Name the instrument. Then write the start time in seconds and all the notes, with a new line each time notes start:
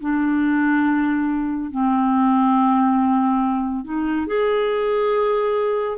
clarinet
0.00 D4
1.71 C4
3.84 D#4
4.27 G#4